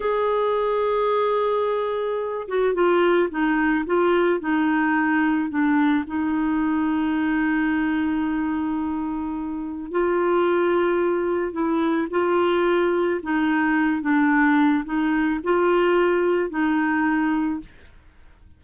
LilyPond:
\new Staff \with { instrumentName = "clarinet" } { \time 4/4 \tempo 4 = 109 gis'1~ | gis'8 fis'8 f'4 dis'4 f'4 | dis'2 d'4 dis'4~ | dis'1~ |
dis'2 f'2~ | f'4 e'4 f'2 | dis'4. d'4. dis'4 | f'2 dis'2 | }